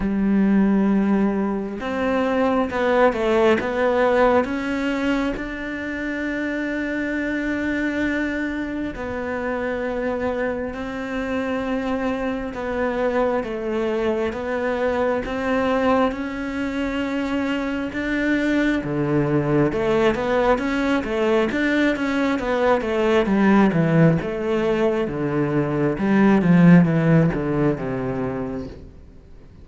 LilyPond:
\new Staff \with { instrumentName = "cello" } { \time 4/4 \tempo 4 = 67 g2 c'4 b8 a8 | b4 cis'4 d'2~ | d'2 b2 | c'2 b4 a4 |
b4 c'4 cis'2 | d'4 d4 a8 b8 cis'8 a8 | d'8 cis'8 b8 a8 g8 e8 a4 | d4 g8 f8 e8 d8 c4 | }